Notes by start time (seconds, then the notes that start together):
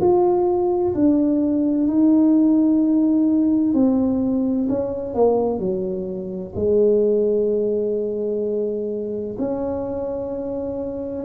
0.00 F4
0.94 D4
1.87 D#4
3.74 C4
4.68 C#4
5.14 A#3
5.59 F#3
6.55 G#3
9.38 C#4